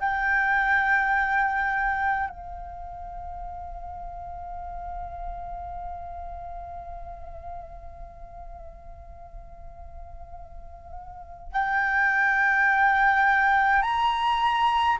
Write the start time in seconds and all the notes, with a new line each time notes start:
0.00 G5
2.29 F5
11.52 G5
13.82 A#5